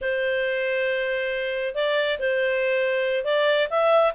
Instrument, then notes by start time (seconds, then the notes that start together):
clarinet
0.01 C5
1.75 D5
2.19 C5
3.24 D5
3.70 E5